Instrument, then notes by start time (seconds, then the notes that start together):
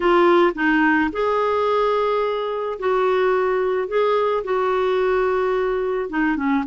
clarinet
0.00 F4
0.54 D#4
1.12 G#4
2.79 F#4
3.88 G#4
4.43 F#4
6.09 D#4
6.36 C#4